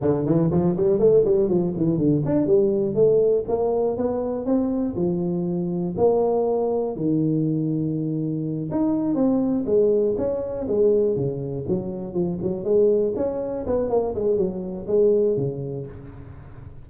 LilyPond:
\new Staff \with { instrumentName = "tuba" } { \time 4/4 \tempo 4 = 121 d8 e8 f8 g8 a8 g8 f8 e8 | d8 d'8 g4 a4 ais4 | b4 c'4 f2 | ais2 dis2~ |
dis4. dis'4 c'4 gis8~ | gis8 cis'4 gis4 cis4 fis8~ | fis8 f8 fis8 gis4 cis'4 b8 | ais8 gis8 fis4 gis4 cis4 | }